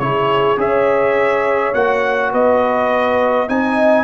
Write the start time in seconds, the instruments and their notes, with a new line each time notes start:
0.00 tuba C#3, trombone E4, horn G#4, trumpet C#5
0.57 tuba C#4, trombone G#4, horn C#5, trumpet E5
1.74 tuba A#3, trombone F#4, trumpet F#5
2.33 tuba B3, horn B4, trumpet D#5
3.49 tuba C4, trombone D#4, horn D#5, trumpet G#5